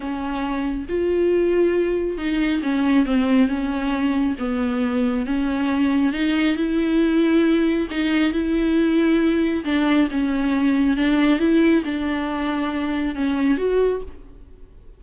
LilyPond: \new Staff \with { instrumentName = "viola" } { \time 4/4 \tempo 4 = 137 cis'2 f'2~ | f'4 dis'4 cis'4 c'4 | cis'2 b2 | cis'2 dis'4 e'4~ |
e'2 dis'4 e'4~ | e'2 d'4 cis'4~ | cis'4 d'4 e'4 d'4~ | d'2 cis'4 fis'4 | }